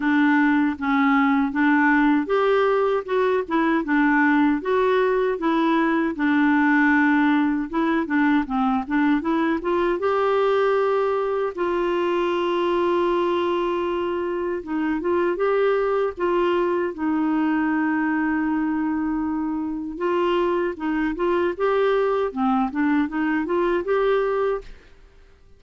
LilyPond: \new Staff \with { instrumentName = "clarinet" } { \time 4/4 \tempo 4 = 78 d'4 cis'4 d'4 g'4 | fis'8 e'8 d'4 fis'4 e'4 | d'2 e'8 d'8 c'8 d'8 | e'8 f'8 g'2 f'4~ |
f'2. dis'8 f'8 | g'4 f'4 dis'2~ | dis'2 f'4 dis'8 f'8 | g'4 c'8 d'8 dis'8 f'8 g'4 | }